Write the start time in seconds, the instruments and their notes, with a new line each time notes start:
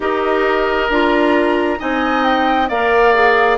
0.00 bassoon D#4, clarinet G4, oboe A#4, flute D#5
0.89 bassoon D4, clarinet F4, flute A#5
1.78 bassoon C4, clarinet D#4, oboe D#5, flute G#5
2.24 flute G5
2.68 bassoon A#3, clarinet A#4, oboe D5, flute F5
3.14 clarinet G#4